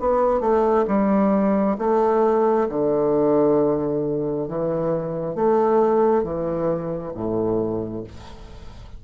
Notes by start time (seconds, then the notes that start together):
0.00 B3
0.41 A3
0.88 G3
1.79 A3
2.69 D3
4.48 E3
5.36 A3
6.24 E3
7.14 A2